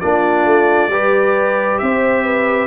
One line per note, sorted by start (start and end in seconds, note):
0.00 0.45 A#3
0.00 0.91 D4
0.00 0.90 F4
0.00 1.78 D5
0.45 0.88 A3
0.88 1.78 G3
0.88 2.67 G4
0.88 1.80 B4
1.78 2.67 C4
1.78 2.23 C5
1.78 2.67 E5
2.23 2.67 B4